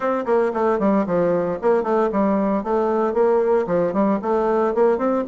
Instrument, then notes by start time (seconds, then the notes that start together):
bassoon
0.00 C4
0.25 A#3
0.53 A3
0.79 G3
1.06 F3
1.61 A#3
1.83 A3
2.11 G3
2.63 A3
3.13 A#3
3.66 F3
3.93 G3
4.22 A3
4.74 A#3
4.97 C4